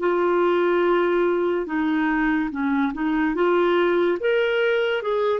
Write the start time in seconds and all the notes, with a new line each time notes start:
0.00 F4
1.66 D#4
2.51 C#4
2.93 D#4
3.35 F4
4.20 A#4
5.02 G#4